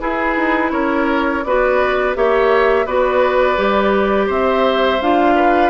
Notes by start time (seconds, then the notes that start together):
0.00 E4 G#4 B4
0.37 D#4
0.71 C#4 A#4 C#5
1.43 B3 F#4 B4 D5
2.15 A#3 G4 C#5 E5
2.86 B3 F#4 B4 D5
3.56 G3 G4
4.27 C4 C5 E5
5.01 D4 F4 F5
5.35 B4